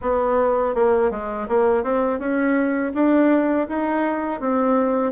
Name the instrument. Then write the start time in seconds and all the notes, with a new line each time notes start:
bassoon
0.01 B3
0.75 A#3
1.10 G#3
1.48 A#3
1.83 C4
2.19 C#4
2.94 D4
3.68 D#4
4.40 C4